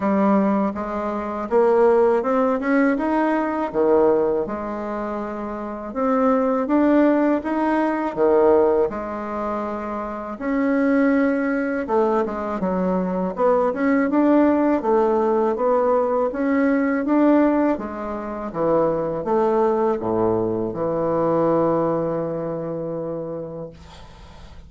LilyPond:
\new Staff \with { instrumentName = "bassoon" } { \time 4/4 \tempo 4 = 81 g4 gis4 ais4 c'8 cis'8 | dis'4 dis4 gis2 | c'4 d'4 dis'4 dis4 | gis2 cis'2 |
a8 gis8 fis4 b8 cis'8 d'4 | a4 b4 cis'4 d'4 | gis4 e4 a4 a,4 | e1 | }